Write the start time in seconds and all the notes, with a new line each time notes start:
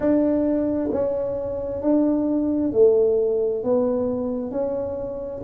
0.00 D4
0.91 C#4
1.81 D4
2.72 A3
3.63 B3
4.51 C#4